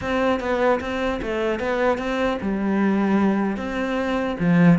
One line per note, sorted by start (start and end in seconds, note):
0.01 0.39 C4
0.39 0.79 B3
0.80 1.20 C4
1.21 1.59 A3
1.59 1.98 B3
1.98 2.38 C4
2.41 3.57 G3
3.57 4.37 C4
4.39 4.79 F3